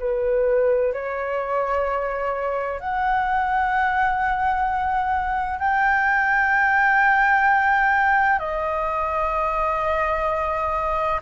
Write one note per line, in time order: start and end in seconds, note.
0.00 0.93 B4
0.93 2.80 C#5
2.80 5.60 F#5
5.60 8.39 G5
8.39 11.21 D#5